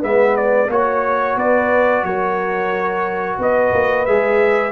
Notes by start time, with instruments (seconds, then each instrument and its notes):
0.00 tuba G#3, trombone B3, horn B4, trumpet E5
0.37 trumpet D5
0.68 tuba A#3, trombone F#4, horn C#5, trumpet C#5
1.36 tuba B3, horn B4, trumpet D5
2.04 tuba F#3, horn A#4, trumpet C#5
3.39 tuba B3, horn B4, trumpet D#5
3.73 tuba A#3
4.06 tuba G#3, trombone G#4, trumpet E5